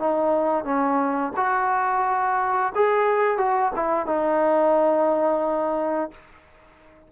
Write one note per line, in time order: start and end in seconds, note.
0.00 0.64 D#4
0.64 1.33 C#4
1.37 2.73 F#4
2.75 3.38 G#4
3.38 3.72 F#4
3.76 4.07 E4
4.07 6.11 D#4